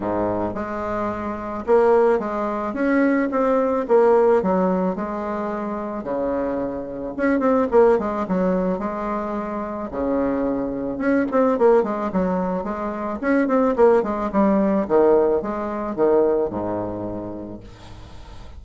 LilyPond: \new Staff \with { instrumentName = "bassoon" } { \time 4/4 \tempo 4 = 109 gis,4 gis2 ais4 | gis4 cis'4 c'4 ais4 | fis4 gis2 cis4~ | cis4 cis'8 c'8 ais8 gis8 fis4 |
gis2 cis2 | cis'8 c'8 ais8 gis8 fis4 gis4 | cis'8 c'8 ais8 gis8 g4 dis4 | gis4 dis4 gis,2 | }